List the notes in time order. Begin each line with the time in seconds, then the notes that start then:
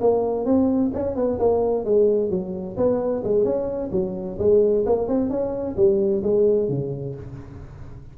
0.00 A#3
0.45 C4
0.93 C#4
1.15 B3
1.39 A#3
1.85 G#3
2.30 F#3
2.76 B3
3.24 G#3
3.44 C#4
3.91 F#3
4.38 G#3
4.85 A#3
5.08 C4
5.30 C#4
5.76 G3
6.23 G#3
6.68 C#3